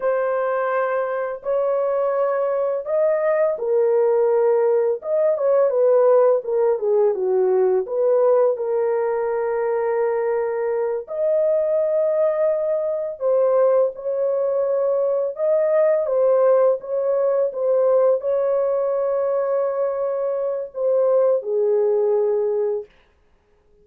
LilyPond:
\new Staff \with { instrumentName = "horn" } { \time 4/4 \tempo 4 = 84 c''2 cis''2 | dis''4 ais'2 dis''8 cis''8 | b'4 ais'8 gis'8 fis'4 b'4 | ais'2.~ ais'8 dis''8~ |
dis''2~ dis''8 c''4 cis''8~ | cis''4. dis''4 c''4 cis''8~ | cis''8 c''4 cis''2~ cis''8~ | cis''4 c''4 gis'2 | }